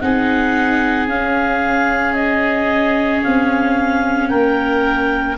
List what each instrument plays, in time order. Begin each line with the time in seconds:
0.00 tuba C4, viola D#4, oboe G#4, clarinet F#5
1.08 tuba C#4, viola C#4, clarinet F5
2.13 clarinet D#5
3.23 tuba C4, clarinet F5
4.29 tuba A#3, oboe A#4, clarinet G5